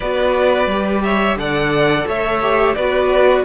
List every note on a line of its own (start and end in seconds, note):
0.00 0.66 B3
0.00 0.71 F#4
0.00 1.03 B4
0.00 1.01 D5
0.66 1.35 G3
0.66 1.38 G4
1.03 1.38 C#5
1.03 1.37 E5
1.36 2.05 D3
1.36 2.41 A4
1.36 2.07 D5
1.36 2.07 F#5
2.07 2.76 A3
2.07 2.75 C#5
2.07 2.74 E5
2.41 2.76 G4
2.74 3.45 B3
2.74 3.45 F#4
2.74 3.44 B4
2.74 3.43 D5